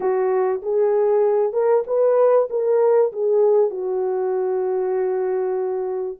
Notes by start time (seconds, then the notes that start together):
0.00 F#4
0.62 G#4
1.52 A#4
1.86 B4
2.50 A#4
3.12 G#4
3.70 F#4